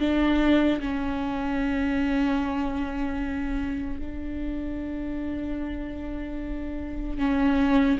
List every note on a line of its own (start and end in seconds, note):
0.00 0.80 D4
0.80 3.99 C#4
3.99 7.18 D4
7.18 7.98 C#4